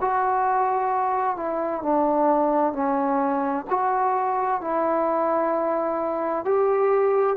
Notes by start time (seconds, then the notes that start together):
0.00 F#4
1.36 E4
1.82 D4
2.73 C#4
3.69 F#4
4.61 E4
6.44 G4